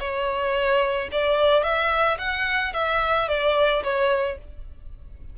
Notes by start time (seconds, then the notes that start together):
0.00 C#5
1.12 D5
1.64 E5
2.19 F#5
2.74 E5
3.29 D5
3.84 C#5